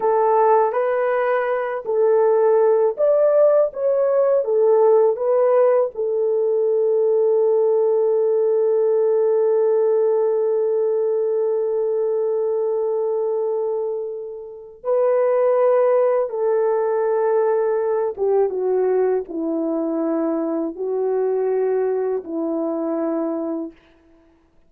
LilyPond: \new Staff \with { instrumentName = "horn" } { \time 4/4 \tempo 4 = 81 a'4 b'4. a'4. | d''4 cis''4 a'4 b'4 | a'1~ | a'1~ |
a'1 | b'2 a'2~ | a'8 g'8 fis'4 e'2 | fis'2 e'2 | }